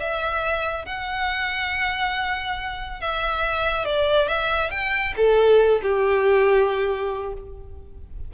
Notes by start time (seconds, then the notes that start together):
0.00 E5
0.85 F#5
3.01 E5
3.85 D5
4.28 E5
4.71 G5
5.16 A4
5.82 G4